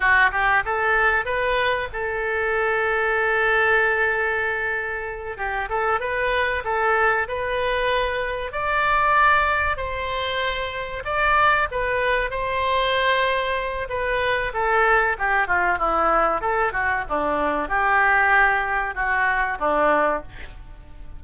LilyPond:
\new Staff \with { instrumentName = "oboe" } { \time 4/4 \tempo 4 = 95 fis'8 g'8 a'4 b'4 a'4~ | a'1~ | a'8 g'8 a'8 b'4 a'4 b'8~ | b'4. d''2 c''8~ |
c''4. d''4 b'4 c''8~ | c''2 b'4 a'4 | g'8 f'8 e'4 a'8 fis'8 d'4 | g'2 fis'4 d'4 | }